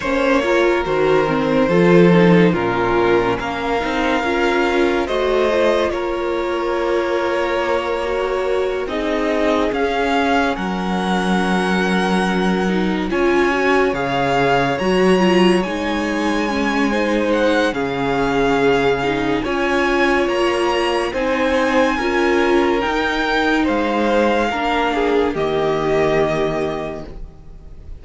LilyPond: <<
  \new Staff \with { instrumentName = "violin" } { \time 4/4 \tempo 4 = 71 cis''4 c''2 ais'4 | f''2 dis''4 cis''4~ | cis''2~ cis''8 dis''4 f''8~ | f''8 fis''2. gis''8~ |
gis''8 f''4 ais''4 gis''4.~ | gis''8 fis''8 f''2 gis''4 | ais''4 gis''2 g''4 | f''2 dis''2 | }
  \new Staff \with { instrumentName = "violin" } { \time 4/4 c''8 ais'4. a'4 f'4 | ais'2 c''4 ais'4~ | ais'2~ ais'8 gis'4.~ | gis'8 ais'2. cis''8~ |
cis''1 | c''4 gis'2 cis''4~ | cis''4 c''4 ais'2 | c''4 ais'8 gis'8 g'2 | }
  \new Staff \with { instrumentName = "viola" } { \time 4/4 cis'8 f'8 fis'8 c'8 f'8 dis'8 cis'4~ | cis'8 dis'8 f'4 fis'8 f'4.~ | f'4. fis'4 dis'4 cis'8~ | cis'2. dis'8 f'8 |
fis'8 gis'4 fis'8 f'8 dis'4 cis'8 | dis'4 cis'4. dis'8 f'4~ | f'4 dis'4 f'4 dis'4~ | dis'4 d'4 ais2 | }
  \new Staff \with { instrumentName = "cello" } { \time 4/4 ais4 dis4 f4 ais,4 | ais8 c'8 cis'4 a4 ais4~ | ais2~ ais8 c'4 cis'8~ | cis'8 fis2. cis'8~ |
cis'8 cis4 fis4 gis4.~ | gis4 cis2 cis'4 | ais4 c'4 cis'4 dis'4 | gis4 ais4 dis2 | }
>>